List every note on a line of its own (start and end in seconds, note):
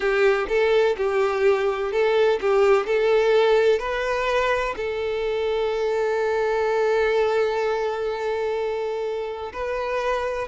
0.00 0.47 G4
0.48 0.96 A4
0.97 1.92 G4
1.92 2.39 A4
2.40 2.86 G4
2.86 3.79 A4
3.79 4.74 B4
4.76 9.52 A4
9.52 10.48 B4